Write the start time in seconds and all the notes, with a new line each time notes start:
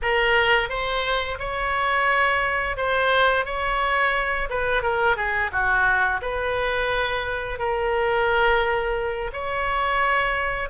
0.02 A#4
0.69 C5
1.39 C#5
2.76 C5
3.45 C#5
4.49 B4
4.82 A#4
5.16 G#4
5.52 F#4
6.21 B4
7.59 A#4
9.32 C#5